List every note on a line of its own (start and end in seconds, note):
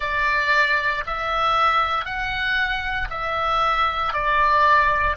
0.00 1.03 D5
1.06 2.05 E5
2.05 3.08 F#5
3.09 4.13 E5
4.13 5.16 D5